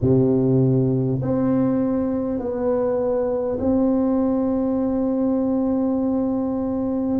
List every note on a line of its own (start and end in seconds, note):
0.01 1.21 C3
1.22 2.38 C4
2.38 3.58 B3
3.59 7.19 C4